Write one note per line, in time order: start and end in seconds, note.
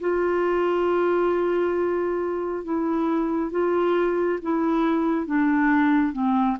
0.00 2.64 F4
2.64 3.51 E4
3.51 4.39 F4
4.42 5.26 E4
5.26 6.12 D4
6.12 6.57 C4